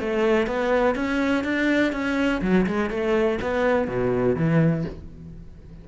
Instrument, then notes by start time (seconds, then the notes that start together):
cello
0.00 A3
0.47 B3
0.95 C#4
1.44 D4
1.92 C#4
2.42 F#3
2.66 G#3
2.90 A3
3.41 B3
3.87 B2
4.36 E3